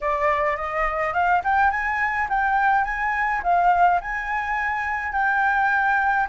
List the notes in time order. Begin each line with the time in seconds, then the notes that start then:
0.01 D5
0.56 D#5
1.13 F5
1.44 G5
1.70 G#5
2.29 G5
2.84 G#5
3.43 F5
4.00 G#5
5.12 G5